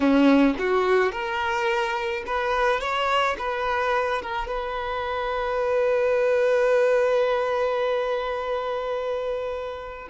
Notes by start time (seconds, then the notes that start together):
0.00 C#4
0.58 F#4
1.12 A#4
2.26 B4
2.80 C#5
3.38 B4
4.22 A#4
4.47 B4